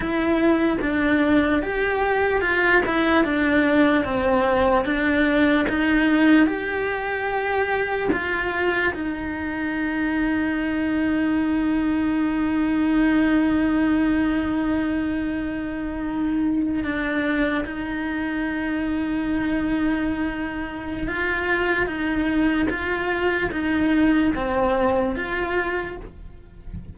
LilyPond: \new Staff \with { instrumentName = "cello" } { \time 4/4 \tempo 4 = 74 e'4 d'4 g'4 f'8 e'8 | d'4 c'4 d'4 dis'4 | g'2 f'4 dis'4~ | dis'1~ |
dis'1~ | dis'8. d'4 dis'2~ dis'16~ | dis'2 f'4 dis'4 | f'4 dis'4 c'4 f'4 | }